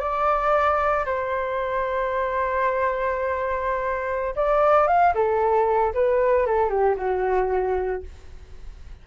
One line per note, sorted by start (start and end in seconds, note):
0.00 1.05 D5
1.06 4.35 C5
4.36 4.88 D5
4.88 5.14 F5
5.15 5.94 A4
5.94 6.47 B4
6.47 6.70 A4
6.70 6.96 G4
6.97 8.03 F#4